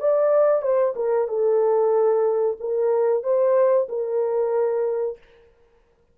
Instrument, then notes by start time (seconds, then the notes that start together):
horn
0.00 D5
0.62 C5
0.96 A#4
1.28 A4
2.60 A#4
3.23 C5
3.89 A#4